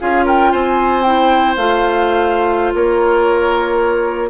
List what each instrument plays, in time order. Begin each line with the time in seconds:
0.00 bassoon C#4, clarinet F4, oboe G#4, flute F5
0.25 oboe A#4, flute G5
0.52 bassoon C4, oboe C5, flute G#5
1.03 clarinet E4, flute G5
1.57 bassoon A3, clarinet F4, flute F5
2.75 bassoon A#3, oboe A#4, flute C#5